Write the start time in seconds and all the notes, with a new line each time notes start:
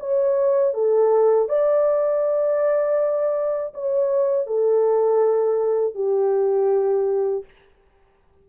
0.00 C#5
0.74 A4
1.49 D5
3.74 C#5
4.47 A4
5.95 G4